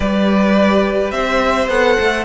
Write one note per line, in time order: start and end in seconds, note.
0.00 1.12 G3
0.00 1.69 G4
0.00 1.13 B4
0.00 1.11 D5
1.11 1.68 C4
1.11 2.25 C5
1.11 1.67 E5
1.68 1.96 B3
1.68 2.25 A4
1.68 2.25 F#5
2.00 2.25 A3